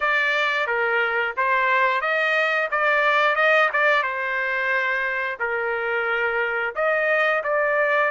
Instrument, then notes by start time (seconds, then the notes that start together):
trumpet
0.00 D5
0.66 A#4
1.36 C5
2.01 D#5
2.71 D5
3.35 D#5
3.73 D5
4.03 C5
5.39 A#4
6.75 D#5
7.43 D5